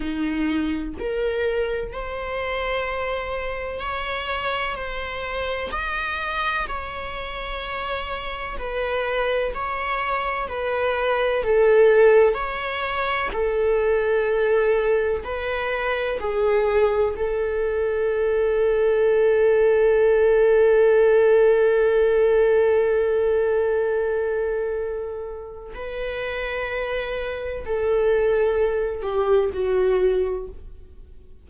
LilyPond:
\new Staff \with { instrumentName = "viola" } { \time 4/4 \tempo 4 = 63 dis'4 ais'4 c''2 | cis''4 c''4 dis''4 cis''4~ | cis''4 b'4 cis''4 b'4 | a'4 cis''4 a'2 |
b'4 gis'4 a'2~ | a'1~ | a'2. b'4~ | b'4 a'4. g'8 fis'4 | }